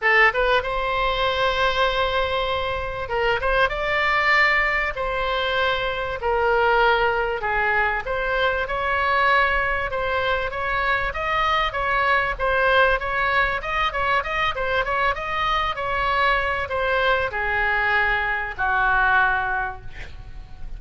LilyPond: \new Staff \with { instrumentName = "oboe" } { \time 4/4 \tempo 4 = 97 a'8 b'8 c''2.~ | c''4 ais'8 c''8 d''2 | c''2 ais'2 | gis'4 c''4 cis''2 |
c''4 cis''4 dis''4 cis''4 | c''4 cis''4 dis''8 cis''8 dis''8 c''8 | cis''8 dis''4 cis''4. c''4 | gis'2 fis'2 | }